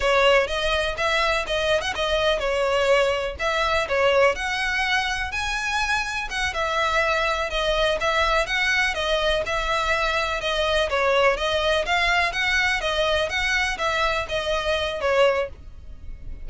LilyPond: \new Staff \with { instrumentName = "violin" } { \time 4/4 \tempo 4 = 124 cis''4 dis''4 e''4 dis''8. fis''16 | dis''4 cis''2 e''4 | cis''4 fis''2 gis''4~ | gis''4 fis''8 e''2 dis''8~ |
dis''8 e''4 fis''4 dis''4 e''8~ | e''4. dis''4 cis''4 dis''8~ | dis''8 f''4 fis''4 dis''4 fis''8~ | fis''8 e''4 dis''4. cis''4 | }